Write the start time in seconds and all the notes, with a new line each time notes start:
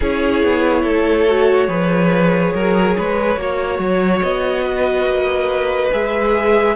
0.00 C#4 E4 G#4 C#5
0.43 B3
0.82 A3 A4
1.28 F#4
1.67 F3 G#4 B4
2.53 F#3 A#4
2.98 G#3 B4
3.36 A#3 F#4 C#5
3.79 F#3
4.21 B3 D#5
4.64 B4
5.05 A#3
5.91 G#3 G#4 E5